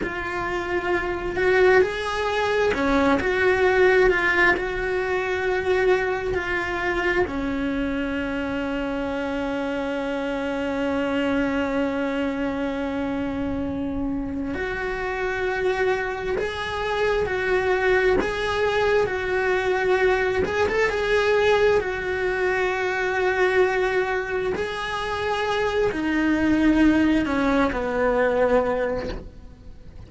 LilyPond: \new Staff \with { instrumentName = "cello" } { \time 4/4 \tempo 4 = 66 f'4. fis'8 gis'4 cis'8 fis'8~ | fis'8 f'8 fis'2 f'4 | cis'1~ | cis'1 |
fis'2 gis'4 fis'4 | gis'4 fis'4. gis'16 a'16 gis'4 | fis'2. gis'4~ | gis'8 dis'4. cis'8 b4. | }